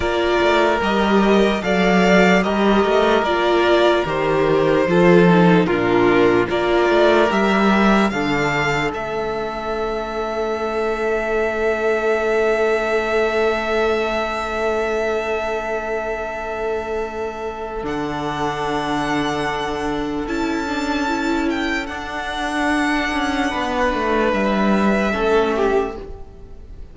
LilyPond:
<<
  \new Staff \with { instrumentName = "violin" } { \time 4/4 \tempo 4 = 74 d''4 dis''4 d''4 dis''4 | d''4 c''2 ais'4 | d''4 e''4 f''4 e''4~ | e''1~ |
e''1~ | e''2 fis''2~ | fis''4 a''4. g''8 fis''4~ | fis''2 e''2 | }
  \new Staff \with { instrumentName = "violin" } { \time 4/4 ais'2 f''4 ais'4~ | ais'2 a'4 f'4 | ais'2 a'2~ | a'1~ |
a'1~ | a'1~ | a'1~ | a'4 b'2 a'8 g'8 | }
  \new Staff \with { instrumentName = "viola" } { \time 4/4 f'4 g'4 a'4 g'4 | f'4 g'4 f'8 dis'8 d'4 | f'4 g'4 d'4 cis'4~ | cis'1~ |
cis'1~ | cis'2 d'2~ | d'4 e'8 d'8 e'4 d'4~ | d'2. cis'4 | }
  \new Staff \with { instrumentName = "cello" } { \time 4/4 ais8 a8 g4 fis4 g8 a8 | ais4 dis4 f4 ais,4 | ais8 a8 g4 d4 a4~ | a1~ |
a1~ | a2 d2~ | d4 cis'2 d'4~ | d'8 cis'8 b8 a8 g4 a4 | }
>>